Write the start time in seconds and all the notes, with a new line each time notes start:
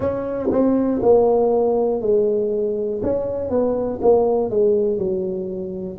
0.00 C#4
0.50 C4
1.02 A#3
2.01 G#3
3.02 C#4
3.50 B3
4.01 A#3
4.50 G#3
4.97 F#3